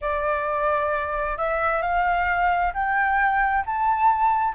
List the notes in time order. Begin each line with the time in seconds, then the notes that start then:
0.01 D5
1.37 E5
1.81 F5
2.73 G5
3.65 A5